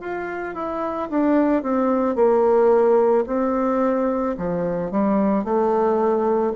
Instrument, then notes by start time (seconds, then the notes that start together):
bassoon
0.00 F4
0.54 E4
1.10 D4
1.62 C4
2.15 A#3
3.26 C4
4.37 F3
4.91 G3
5.44 A3